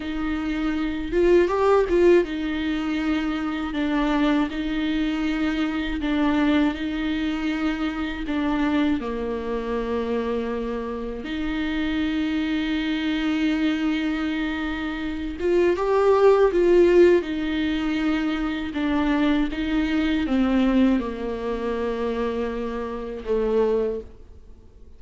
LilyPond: \new Staff \with { instrumentName = "viola" } { \time 4/4 \tempo 4 = 80 dis'4. f'8 g'8 f'8 dis'4~ | dis'4 d'4 dis'2 | d'4 dis'2 d'4 | ais2. dis'4~ |
dis'1~ | dis'8 f'8 g'4 f'4 dis'4~ | dis'4 d'4 dis'4 c'4 | ais2. a4 | }